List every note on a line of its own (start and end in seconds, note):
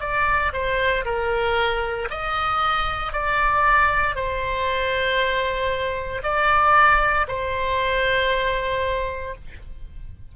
0.00 0.52 D5
0.53 1.04 C5
1.05 2.08 A#4
2.10 3.12 D#5
3.12 4.15 D5
4.15 6.22 C5
6.23 7.26 D5
7.27 9.34 C5